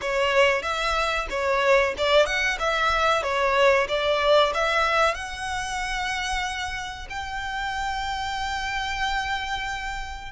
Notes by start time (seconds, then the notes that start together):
0.01 C#5
0.62 E5
1.29 C#5
1.97 D5
2.26 F#5
2.59 E5
3.22 C#5
3.88 D5
4.53 E5
5.14 F#5
7.09 G5